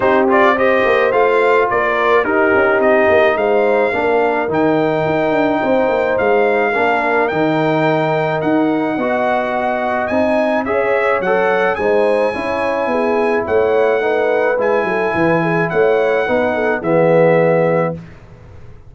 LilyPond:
<<
  \new Staff \with { instrumentName = "trumpet" } { \time 4/4 \tempo 4 = 107 c''8 d''8 dis''4 f''4 d''4 | ais'4 dis''4 f''2 | g''2. f''4~ | f''4 g''2 fis''4~ |
fis''2 gis''4 e''4 | fis''4 gis''2. | fis''2 gis''2 | fis''2 e''2 | }
  \new Staff \with { instrumentName = "horn" } { \time 4/4 g'4 c''2 ais'4 | g'2 c''4 ais'4~ | ais'2 c''2 | ais'1 |
dis''2. cis''4~ | cis''4 c''4 cis''4 gis'4 | cis''4 b'4. a'8 b'8 gis'8 | cis''4 b'8 a'8 gis'2 | }
  \new Staff \with { instrumentName = "trombone" } { \time 4/4 dis'8 f'8 g'4 f'2 | dis'2. d'4 | dis'1 | d'4 dis'2. |
fis'2 dis'4 gis'4 | a'4 dis'4 e'2~ | e'4 dis'4 e'2~ | e'4 dis'4 b2 | }
  \new Staff \with { instrumentName = "tuba" } { \time 4/4 c'4. ais8 a4 ais4 | dis'8 cis'8 c'8 ais8 gis4 ais4 | dis4 dis'8 d'8 c'8 ais8 gis4 | ais4 dis2 dis'4 |
b2 c'4 cis'4 | fis4 gis4 cis'4 b4 | a2 gis8 fis8 e4 | a4 b4 e2 | }
>>